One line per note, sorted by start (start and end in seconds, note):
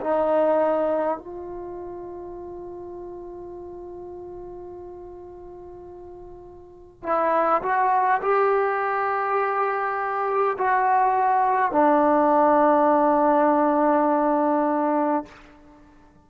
0.00 1.18 D#4
1.18 7.03 F4
7.03 7.61 E4
7.62 8.21 F#4
8.21 10.57 G4
10.57 11.72 F#4
11.72 15.25 D4